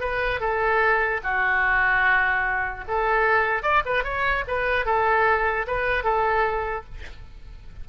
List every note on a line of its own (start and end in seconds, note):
0.00 0.40 B4
0.40 1.21 A4
1.23 2.84 F#4
2.88 3.63 A4
3.63 3.83 D5
3.85 4.04 B4
4.04 4.44 C#5
4.47 4.85 B4
4.85 5.66 A4
5.67 6.04 B4
6.04 6.84 A4